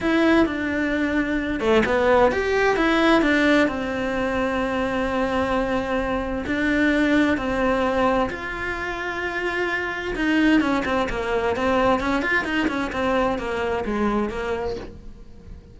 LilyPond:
\new Staff \with { instrumentName = "cello" } { \time 4/4 \tempo 4 = 130 e'4 d'2~ d'8 a8 | b4 g'4 e'4 d'4 | c'1~ | c'2 d'2 |
c'2 f'2~ | f'2 dis'4 cis'8 c'8 | ais4 c'4 cis'8 f'8 dis'8 cis'8 | c'4 ais4 gis4 ais4 | }